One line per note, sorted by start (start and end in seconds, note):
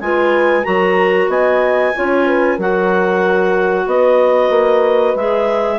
0.00 0.65 G#3
0.00 0.63 F4
0.00 0.66 B4
0.00 0.64 G#5
0.63 1.28 F#3
0.63 1.92 F#4
0.63 1.30 A#4
0.63 1.29 A#5
1.28 1.93 B3
1.28 1.95 D#5
1.28 2.59 G#5
1.95 2.58 C#4
1.95 2.60 F4
1.95 2.27 C#5
2.27 2.56 B4
2.56 3.86 F#3
2.56 5.18 F#4
2.56 3.85 A#4
2.56 3.88 F#5
3.86 4.50 B3
3.86 5.79 B4
3.86 5.16 D#5
4.50 5.14 A#3
5.15 5.79 G#3
5.15 5.79 G#4
5.15 5.79 E5